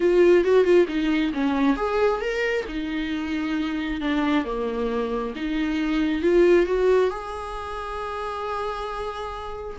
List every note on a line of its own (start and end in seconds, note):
0.00 0.44 F4
0.44 0.63 F#4
0.63 0.86 F4
0.87 1.32 D#4
1.33 1.76 C#4
1.76 2.20 G#4
2.20 2.65 A#4
2.68 4.01 D#4
4.01 4.44 D4
4.44 5.33 A#3
5.35 6.22 D#4
6.22 6.66 F4
6.66 7.10 F#4
7.10 9.77 G#4